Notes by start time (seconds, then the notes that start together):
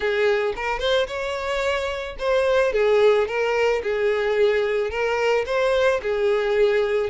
0.00 G#4
0.56 A#4
0.79 C5
1.07 C#5
2.18 C5
2.72 G#4
3.27 A#4
3.82 G#4
4.90 A#4
5.46 C5
6.02 G#4